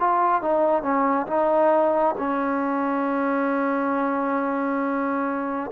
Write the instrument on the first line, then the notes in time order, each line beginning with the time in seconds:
trombone
0.00 F4
0.42 D#4
0.83 C#4
1.28 D#4
2.18 C#4